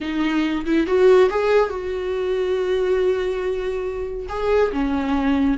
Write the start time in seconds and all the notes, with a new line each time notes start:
0.01 D#4
0.65 E4
0.86 F#4
1.30 G#4
1.69 F#4
4.28 G#4
4.71 C#4